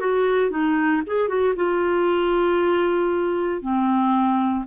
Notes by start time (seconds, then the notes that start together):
0.00 F#4
0.50 D#4
1.06 G#4
1.28 F#4
1.56 F4
3.61 C4